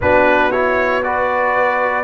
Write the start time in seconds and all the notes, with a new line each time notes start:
0.01 B3 D4 F#4 B4
0.51 E4 C#5
1.03 F#4 B4 D5